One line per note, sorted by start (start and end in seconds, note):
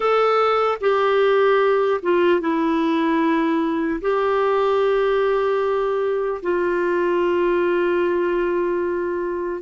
0.00 0.78 A4
0.80 2.00 G4
2.02 2.40 F4
2.40 4.00 E4
4.01 6.41 G4
6.42 9.61 F4